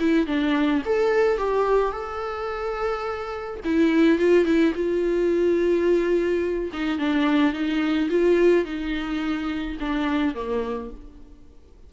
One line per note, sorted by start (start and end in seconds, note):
0.00 0.27 E4
0.27 0.83 D4
0.86 1.38 A4
1.38 1.92 G4
1.92 3.60 A4
3.65 4.19 E4
4.19 4.45 F4
4.45 4.73 E4
4.75 6.71 F4
6.73 6.99 D#4
6.99 7.53 D4
7.53 8.09 D#4
8.10 8.66 F4
8.66 9.78 D#4
9.80 10.35 D4
10.35 10.91 A#3